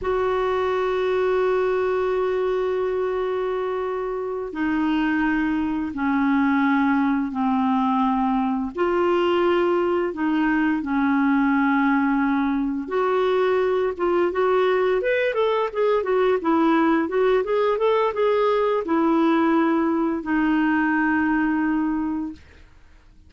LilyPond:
\new Staff \with { instrumentName = "clarinet" } { \time 4/4 \tempo 4 = 86 fis'1~ | fis'2~ fis'8 dis'4.~ | dis'8 cis'2 c'4.~ | c'8 f'2 dis'4 cis'8~ |
cis'2~ cis'8 fis'4. | f'8 fis'4 b'8 a'8 gis'8 fis'8 e'8~ | e'8 fis'8 gis'8 a'8 gis'4 e'4~ | e'4 dis'2. | }